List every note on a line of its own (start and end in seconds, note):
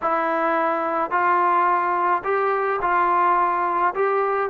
0.02 1.10 E4
1.10 2.23 F4
2.24 2.80 G4
2.81 3.94 F4
3.94 4.50 G4